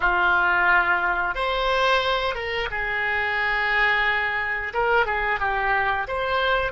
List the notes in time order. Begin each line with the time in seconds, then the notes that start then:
0.00 F4
1.35 C5
2.34 A#4
2.71 G#4
4.73 A#4
5.06 G#4
5.39 G4
6.07 C5